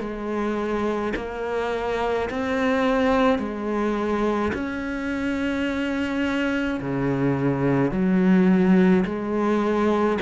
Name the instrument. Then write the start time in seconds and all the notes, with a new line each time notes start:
cello
0.00 G#3
1.16 A#3
2.30 C4
3.39 G#3
4.53 C#4
6.80 C#3
7.91 F#3
9.05 G#3